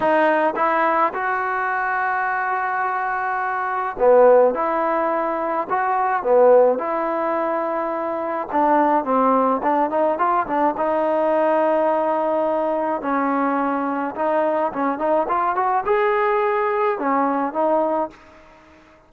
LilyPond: \new Staff \with { instrumentName = "trombone" } { \time 4/4 \tempo 4 = 106 dis'4 e'4 fis'2~ | fis'2. b4 | e'2 fis'4 b4 | e'2. d'4 |
c'4 d'8 dis'8 f'8 d'8 dis'4~ | dis'2. cis'4~ | cis'4 dis'4 cis'8 dis'8 f'8 fis'8 | gis'2 cis'4 dis'4 | }